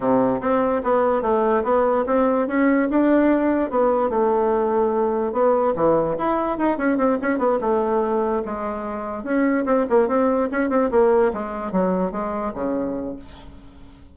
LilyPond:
\new Staff \with { instrumentName = "bassoon" } { \time 4/4 \tempo 4 = 146 c4 c'4 b4 a4 | b4 c'4 cis'4 d'4~ | d'4 b4 a2~ | a4 b4 e4 e'4 |
dis'8 cis'8 c'8 cis'8 b8 a4.~ | a8 gis2 cis'4 c'8 | ais8 c'4 cis'8 c'8 ais4 gis8~ | gis8 fis4 gis4 cis4. | }